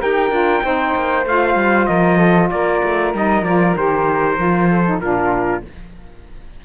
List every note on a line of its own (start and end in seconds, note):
0.00 0.31 D#4
0.00 0.30 G4
0.00 0.63 A#4
0.00 1.27 G5
0.30 0.62 D4
0.30 0.62 F4
0.62 0.95 C4
0.62 1.25 D#4
0.62 1.89 C5
0.95 1.26 A#3
1.26 1.55 A3
1.26 3.14 F4
1.26 1.86 F5
1.55 1.87 G3
1.86 2.50 F3
1.86 2.17 A#4
1.86 2.49 D#5
2.17 2.48 A4
2.50 2.82 A#3
2.50 4.70 A#4
2.50 3.13 D5
2.83 3.14 A3
3.14 3.43 G3
3.14 3.45 D#4
3.14 3.44 D#5
3.43 3.74 F3
3.43 3.76 F4
3.43 3.75 D5
3.75 4.38 D#3
3.75 4.36 G4
3.75 5.00 C5
4.36 5.00 F3
4.36 4.83 F4
4.70 5.01 A4
4.85 5.01 D#4
5.00 5.62 A#2
5.00 5.64 D4
5.00 5.64 F4
5.00 5.63 A#4